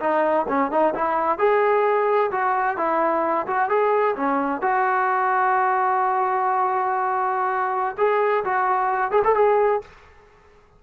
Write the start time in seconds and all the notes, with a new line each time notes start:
0.00 D#4
0.48 C#4
0.71 D#4
0.94 E4
1.39 G#4
2.31 F#4
2.77 E4
3.47 F#4
3.69 G#4
4.16 C#4
4.62 F#4
7.98 G#4
8.44 F#4
9.11 G#4
9.24 A4
9.35 G#4